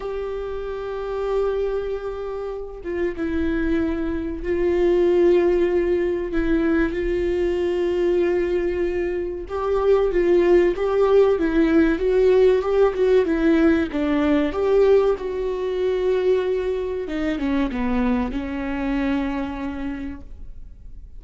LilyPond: \new Staff \with { instrumentName = "viola" } { \time 4/4 \tempo 4 = 95 g'1~ | g'8 f'8 e'2 f'4~ | f'2 e'4 f'4~ | f'2. g'4 |
f'4 g'4 e'4 fis'4 | g'8 fis'8 e'4 d'4 g'4 | fis'2. dis'8 cis'8 | b4 cis'2. | }